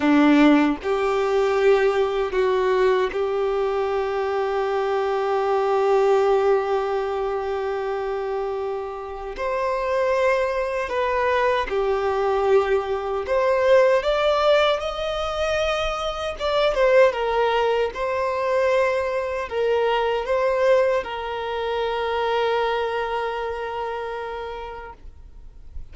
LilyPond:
\new Staff \with { instrumentName = "violin" } { \time 4/4 \tempo 4 = 77 d'4 g'2 fis'4 | g'1~ | g'1 | c''2 b'4 g'4~ |
g'4 c''4 d''4 dis''4~ | dis''4 d''8 c''8 ais'4 c''4~ | c''4 ais'4 c''4 ais'4~ | ais'1 | }